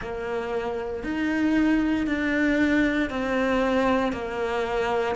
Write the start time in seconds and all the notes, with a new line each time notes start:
0.01 A#3
1.03 D#4
2.06 D4
3.10 C4
4.12 A#3